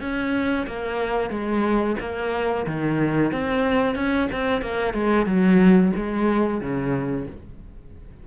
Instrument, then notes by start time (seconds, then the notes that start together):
cello
0.00 C#4
0.66 A#3
1.30 G#3
2.00 A#3
2.66 D#3
3.32 C4
3.95 C#4
4.32 C4
4.61 A#3
4.93 G#3
5.26 F#3
5.96 G#3
6.61 C#3